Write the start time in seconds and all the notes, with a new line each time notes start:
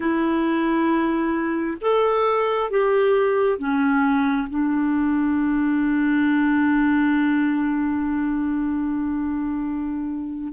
0.00 E4
1.81 A4
2.70 G4
3.58 C#4
4.49 D4